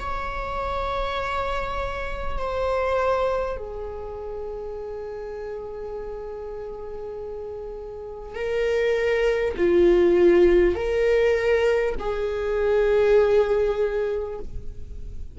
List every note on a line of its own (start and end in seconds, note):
0.00 2.38 C#5
2.38 3.57 C5
3.57 8.36 G#4
8.36 9.56 A#4
9.57 10.76 F4
10.76 11.96 A#4
11.99 14.39 G#4